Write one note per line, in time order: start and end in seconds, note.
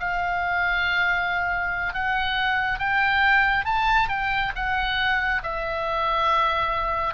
0.00 1.94 F5
1.94 2.79 F#5
2.79 3.65 G5
3.65 4.08 A5
4.09 4.52 G5
4.55 5.42 F#5
5.43 7.14 E5